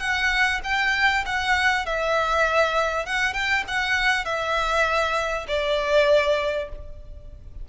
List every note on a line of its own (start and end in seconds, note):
0.00 0.61 F#5
0.64 1.25 G5
1.26 1.86 F#5
1.86 3.06 E5
3.06 3.33 F#5
3.33 3.64 G5
3.68 4.25 F#5
4.25 5.46 E5
5.48 6.69 D5